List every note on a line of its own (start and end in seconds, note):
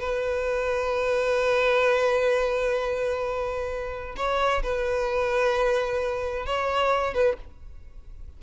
0.00 4.15 B4
4.16 4.62 C#5
4.63 6.46 B4
6.46 7.14 C#5
7.14 7.37 B4